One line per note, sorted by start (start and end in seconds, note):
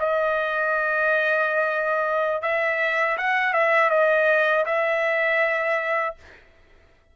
0.00 2.42 D#5
2.42 3.17 E5
3.18 3.54 F#5
3.54 3.90 E5
3.90 4.65 D#5
4.66 6.16 E5